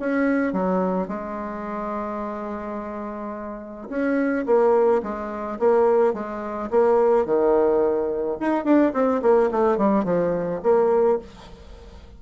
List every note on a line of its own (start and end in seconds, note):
0.00 0.53 C#4
0.53 1.09 F#3
1.09 3.89 G#3
3.90 4.46 C#4
4.46 5.02 A#3
5.03 5.59 G#3
5.60 6.14 A#3
6.14 6.70 G#3
6.71 7.26 A#3
7.26 8.38 D#3
8.40 8.65 D#4
8.65 8.93 D4
8.94 9.22 C4
9.22 9.50 A#3
9.52 9.78 A3
9.78 10.05 G3
10.05 10.61 F3
10.63 11.19 A#3